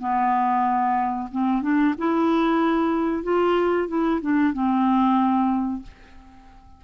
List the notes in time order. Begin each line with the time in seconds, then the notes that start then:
0.00 B3
1.32 C4
1.62 D4
1.98 E4
3.24 F4
3.88 E4
4.22 D4
4.54 C4